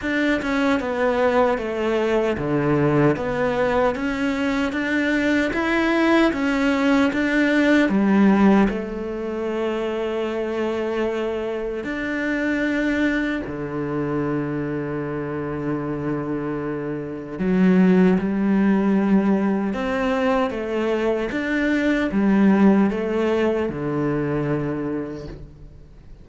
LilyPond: \new Staff \with { instrumentName = "cello" } { \time 4/4 \tempo 4 = 76 d'8 cis'8 b4 a4 d4 | b4 cis'4 d'4 e'4 | cis'4 d'4 g4 a4~ | a2. d'4~ |
d'4 d2.~ | d2 fis4 g4~ | g4 c'4 a4 d'4 | g4 a4 d2 | }